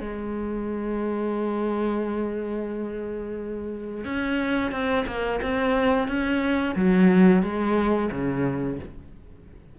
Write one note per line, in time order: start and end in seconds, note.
0.00 4.04 G#3
4.04 4.71 C#4
4.71 5.05 C4
5.07 5.40 A#3
5.42 6.08 C4
6.08 6.75 C#4
6.76 7.42 F#3
7.42 8.10 G#3
8.11 8.79 C#3